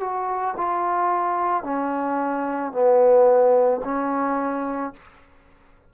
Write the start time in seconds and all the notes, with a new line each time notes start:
0.00 F#4
0.57 F4
1.63 C#4
2.72 B3
3.84 C#4